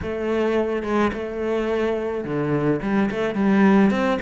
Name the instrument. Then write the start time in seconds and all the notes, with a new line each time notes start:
cello
0.02 A3
0.83 G#3
1.13 A3
2.24 D3
2.81 G3
3.10 A3
3.35 G3
3.90 C4